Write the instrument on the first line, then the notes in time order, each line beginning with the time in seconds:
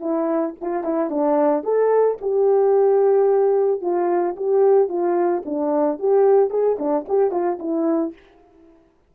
horn
0.00 E4
0.61 F4
0.84 E4
1.10 D4
1.63 A4
2.21 G4
3.81 F4
4.36 G4
4.88 F4
5.45 D4
5.99 G4
6.50 G#4
6.79 D4
7.08 G4
7.31 F4
7.59 E4